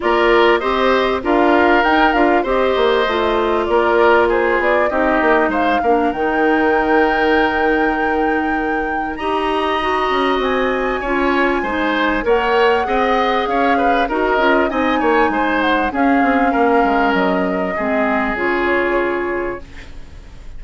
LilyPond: <<
  \new Staff \with { instrumentName = "flute" } { \time 4/4 \tempo 4 = 98 d''4 dis''4 f''4 g''8 f''8 | dis''2 d''4 c''8 d''8 | dis''4 f''4 g''2~ | g''2. ais''4~ |
ais''4 gis''2. | fis''2 f''4 dis''4 | gis''4. fis''8 f''2 | dis''2 cis''2 | }
  \new Staff \with { instrumentName = "oboe" } { \time 4/4 ais'4 c''4 ais'2 | c''2 ais'4 gis'4 | g'4 c''8 ais'2~ ais'8~ | ais'2. dis''4~ |
dis''2 cis''4 c''4 | cis''4 dis''4 cis''8 b'8 ais'4 | dis''8 cis''8 c''4 gis'4 ais'4~ | ais'4 gis'2. | }
  \new Staff \with { instrumentName = "clarinet" } { \time 4/4 f'4 g'4 f'4 dis'8 f'8 | g'4 f'2. | dis'4. d'8 dis'2~ | dis'2. g'4 |
fis'2 f'4 dis'4 | ais'4 gis'2 fis'8 f'8 | dis'2 cis'2~ | cis'4 c'4 f'2 | }
  \new Staff \with { instrumentName = "bassoon" } { \time 4/4 ais4 c'4 d'4 dis'8 d'8 | c'8 ais8 a4 ais4. b8 | c'8 ais8 gis8 ais8 dis2~ | dis2. dis'4~ |
dis'8 cis'8 c'4 cis'4 gis4 | ais4 c'4 cis'4 dis'8 cis'8 | c'8 ais8 gis4 cis'8 c'8 ais8 gis8 | fis4 gis4 cis2 | }
>>